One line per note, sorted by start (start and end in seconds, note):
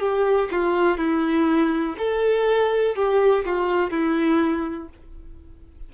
0.00 0.49 G4
0.51 0.98 F4
0.98 1.96 E4
1.98 2.96 A4
2.96 3.45 G4
3.46 3.91 F4
3.91 4.89 E4